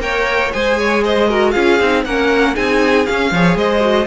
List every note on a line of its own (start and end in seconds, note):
0.00 0.51 A#3
0.00 0.51 A#4
0.00 0.55 C#5
0.00 0.53 G5
0.53 1.56 G#3
0.53 1.30 G#4
0.53 0.79 C5
0.53 1.04 G#5
0.79 1.04 C#5
1.04 1.29 C5
1.04 1.52 D#5
1.29 1.55 F#4
1.29 1.52 A#4
1.52 1.81 C#4
1.52 1.80 F4
1.52 2.03 G#4
1.52 2.03 F5
1.81 2.06 C4
1.81 2.06 D#4
2.06 2.56 A#3
2.06 2.56 C#4
2.06 2.55 A#4
2.06 2.56 F#5
2.55 3.08 C4
2.55 3.06 D#4
2.55 3.32 G#4
2.55 3.06 G#5
3.06 3.33 C#4
3.06 3.32 C#4
3.06 3.57 F5
3.32 3.56 F3
3.32 3.81 G#4
3.32 3.58 C#5
3.56 4.07 G#3
3.56 4.07 C5
3.56 4.07 D#5
3.81 4.06 F#4